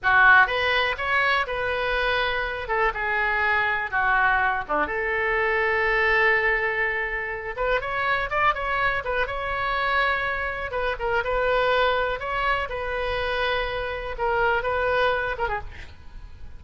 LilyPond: \new Staff \with { instrumentName = "oboe" } { \time 4/4 \tempo 4 = 123 fis'4 b'4 cis''4 b'4~ | b'4. a'8 gis'2 | fis'4. d'8 a'2~ | a'2.~ a'8 b'8 |
cis''4 d''8 cis''4 b'8 cis''4~ | cis''2 b'8 ais'8 b'4~ | b'4 cis''4 b'2~ | b'4 ais'4 b'4. ais'16 gis'16 | }